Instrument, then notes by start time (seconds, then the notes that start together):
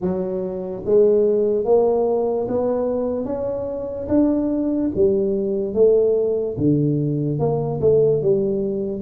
tuba
0.01 F#3
0.85 G#3
1.64 A#3
2.48 B3
3.25 C#4
4.08 D4
4.95 G3
5.73 A3
6.57 D3
7.39 A#3
7.80 A3
8.22 G3